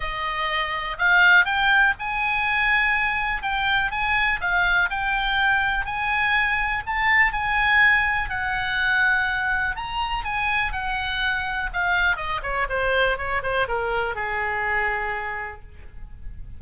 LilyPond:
\new Staff \with { instrumentName = "oboe" } { \time 4/4 \tempo 4 = 123 dis''2 f''4 g''4 | gis''2. g''4 | gis''4 f''4 g''2 | gis''2 a''4 gis''4~ |
gis''4 fis''2. | ais''4 gis''4 fis''2 | f''4 dis''8 cis''8 c''4 cis''8 c''8 | ais'4 gis'2. | }